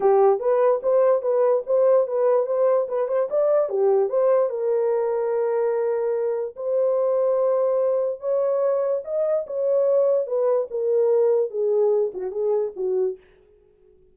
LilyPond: \new Staff \with { instrumentName = "horn" } { \time 4/4 \tempo 4 = 146 g'4 b'4 c''4 b'4 | c''4 b'4 c''4 b'8 c''8 | d''4 g'4 c''4 ais'4~ | ais'1 |
c''1 | cis''2 dis''4 cis''4~ | cis''4 b'4 ais'2 | gis'4. fis'8 gis'4 fis'4 | }